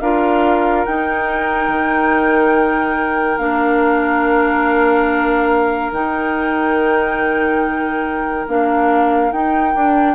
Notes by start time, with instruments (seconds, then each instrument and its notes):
0.00 bassoon D4, clarinet F4, oboe A#4, flute F5
0.85 bassoon D#4, clarinet D#4, flute G5
1.68 bassoon D#3
3.38 bassoon A#3, clarinet D4, flute F5
5.92 bassoon D#3, clarinet D#4, flute G5
8.47 bassoon A#3, clarinet D4, flute F5
9.32 bassoon D#4, clarinet D#4, flute G5
9.74 clarinet D4, bassoon D4